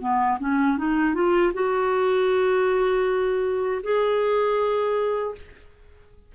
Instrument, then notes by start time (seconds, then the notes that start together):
clarinet
0.00 B3
0.39 C#4
0.78 D#4
1.15 F4
1.54 F#4
3.83 G#4